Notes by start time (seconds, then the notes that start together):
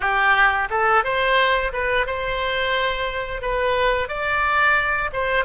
0.00 G4
0.70 A4
1.04 C5
1.72 B4
2.06 C5
3.41 B4
4.08 D5
5.12 C5